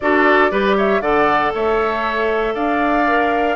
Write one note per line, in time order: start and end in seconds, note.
0.00 0.51 D4
0.00 0.50 F#4
0.00 0.51 A4
0.00 0.76 D5
0.50 1.01 G3
0.50 1.01 G4
0.50 0.76 B4
0.77 1.01 C#5
0.77 1.01 E5
1.01 1.52 D3
1.01 3.05 A4
1.01 1.52 D5
1.01 1.52 F#5
1.54 2.55 A3
1.54 2.54 C#5
1.54 2.54 E5
2.54 3.56 D4
2.54 3.56 D5
2.54 3.56 F5
3.07 3.56 A#4